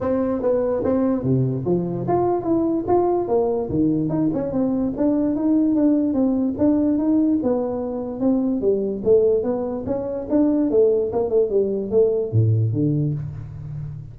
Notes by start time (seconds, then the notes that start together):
0.00 C4
0.42 B3
0.84 C4
1.23 C3
1.65 F3
2.07 F4
2.43 E4
2.87 F4
3.28 A#3
3.69 D#3
4.09 D#4
4.33 C#4
4.52 C4
4.96 D4
5.35 D#4
5.75 D4
6.13 C4
6.58 D4
6.98 D#4
7.43 B3
8.20 C4
8.61 G3
9.04 A3
9.43 B3
9.86 C#4
10.29 D4
10.70 A3
11.12 A#3
11.29 A3
11.50 G3
11.90 A3
12.31 A2
12.72 D3